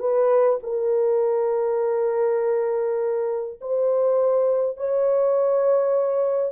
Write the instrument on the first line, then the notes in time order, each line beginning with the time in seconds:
horn
0.00 B4
0.63 A#4
3.62 C5
4.78 C#5